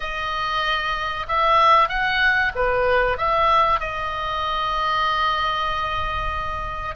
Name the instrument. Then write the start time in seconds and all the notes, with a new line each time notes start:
oboe
0.00 D#5
1.27 E5
1.88 F#5
2.55 B4
3.17 E5
3.80 D#5